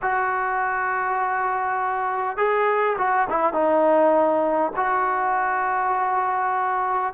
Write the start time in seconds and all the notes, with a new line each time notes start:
0.01 F#4
2.37 G#4
2.98 F#4
3.29 E4
3.53 D#4
4.76 F#4